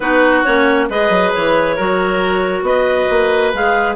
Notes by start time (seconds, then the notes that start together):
0.00 B3 D#4 F#4 B4
0.44 A#3 C#4 C#5
0.89 G#3 G#4 B4 D#5
1.09 F#3
1.33 E3 C#5
1.76 F#3 F#4 A#4
2.62 B3 B4 D#5
3.10 A#3
3.53 G#3 G#4 F5